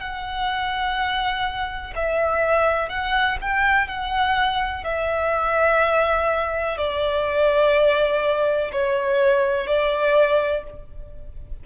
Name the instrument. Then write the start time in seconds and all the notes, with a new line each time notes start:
violin
0.00 F#5
1.95 E5
2.89 F#5
3.41 G5
3.88 F#5
4.84 E5
6.77 D5
8.71 C#5
9.67 D5